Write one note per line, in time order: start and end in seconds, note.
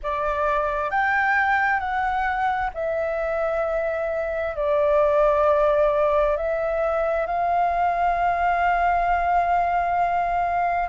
0.02 0.90 D5
0.90 1.79 G5
1.79 2.70 F#5
2.74 4.55 E5
4.55 6.36 D5
6.36 7.26 E5
7.26 10.88 F5